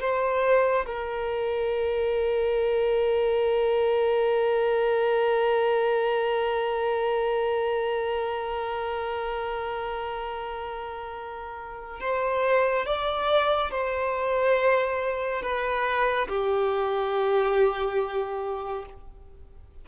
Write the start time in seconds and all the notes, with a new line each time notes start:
0.00 C5
0.86 A#4
12.00 C5
12.86 D5
13.71 C5
15.42 B4
16.28 G4